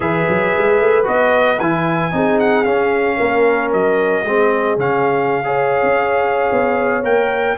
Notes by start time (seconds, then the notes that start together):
0.00 E3 G#4 B4 E5
0.28 F#3
0.57 G#3
0.80 A3
1.03 B3 F#4 D#5
1.59 E3 E4 G#5
2.12 C4 D#4 G#4
2.39 F#5
2.64 C#4 F5
3.16 A#3 A#4
3.72 F#3 D#5
4.24 G#3 C4 G#4
4.77 C#3 C#4 F5
5.44 G#4 C#5
5.82 C#4
6.51 B3
7.03 A#3 A#4 G5